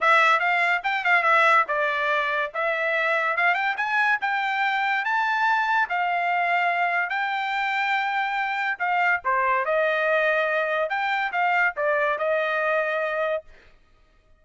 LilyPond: \new Staff \with { instrumentName = "trumpet" } { \time 4/4 \tempo 4 = 143 e''4 f''4 g''8 f''8 e''4 | d''2 e''2 | f''8 g''8 gis''4 g''2 | a''2 f''2~ |
f''4 g''2.~ | g''4 f''4 c''4 dis''4~ | dis''2 g''4 f''4 | d''4 dis''2. | }